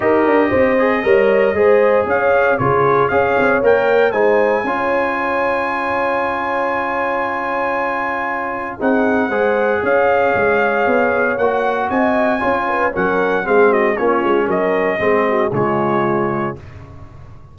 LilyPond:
<<
  \new Staff \with { instrumentName = "trumpet" } { \time 4/4 \tempo 4 = 116 dis''1 | f''4 cis''4 f''4 g''4 | gis''1~ | gis''1~ |
gis''4 fis''2 f''4~ | f''2 fis''4 gis''4~ | gis''4 fis''4 f''8 dis''8 cis''4 | dis''2 cis''2 | }
  \new Staff \with { instrumentName = "horn" } { \time 4/4 ais'4 c''4 cis''4 c''4 | cis''4 gis'4 cis''2 | c''4 cis''2.~ | cis''1~ |
cis''4 gis'4 c''4 cis''4~ | cis''2. dis''4 | cis''8 b'8 ais'4 gis'8 fis'8 f'4 | ais'4 gis'8 fis'8 f'2 | }
  \new Staff \with { instrumentName = "trombone" } { \time 4/4 g'4. gis'8 ais'4 gis'4~ | gis'4 f'4 gis'4 ais'4 | dis'4 f'2.~ | f'1~ |
f'4 dis'4 gis'2~ | gis'2 fis'2 | f'4 cis'4 c'4 cis'4~ | cis'4 c'4 gis2 | }
  \new Staff \with { instrumentName = "tuba" } { \time 4/4 dis'8 d'8 c'4 g4 gis4 | cis'4 cis4 cis'8 c'8 ais4 | gis4 cis'2.~ | cis'1~ |
cis'4 c'4 gis4 cis'4 | gis4 b4 ais4 c'4 | cis'4 fis4 gis4 ais8 gis8 | fis4 gis4 cis2 | }
>>